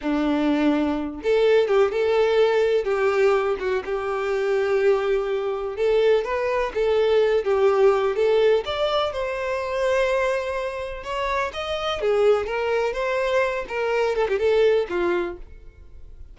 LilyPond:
\new Staff \with { instrumentName = "violin" } { \time 4/4 \tempo 4 = 125 d'2~ d'8 a'4 g'8 | a'2 g'4. fis'8 | g'1 | a'4 b'4 a'4. g'8~ |
g'4 a'4 d''4 c''4~ | c''2. cis''4 | dis''4 gis'4 ais'4 c''4~ | c''8 ais'4 a'16 g'16 a'4 f'4 | }